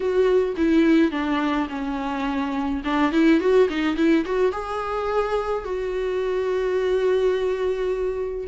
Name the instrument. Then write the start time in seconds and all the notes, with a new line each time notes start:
viola
0.00 F#4
0.56 E4
1.11 D4
1.69 C#4
2.84 D4
3.12 E4
3.40 F#4
3.69 D#4
3.96 E4
4.25 F#4
4.52 G#4
5.64 F#4